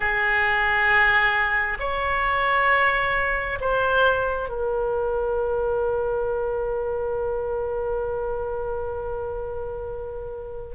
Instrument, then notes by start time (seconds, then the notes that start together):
oboe
0.00 G#4
1.79 C#5
3.60 C5
4.48 A#4